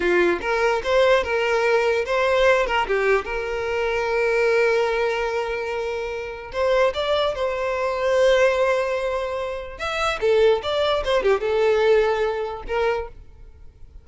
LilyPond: \new Staff \with { instrumentName = "violin" } { \time 4/4 \tempo 4 = 147 f'4 ais'4 c''4 ais'4~ | ais'4 c''4. ais'8 g'4 | ais'1~ | ais'1 |
c''4 d''4 c''2~ | c''1 | e''4 a'4 d''4 c''8 g'8 | a'2. ais'4 | }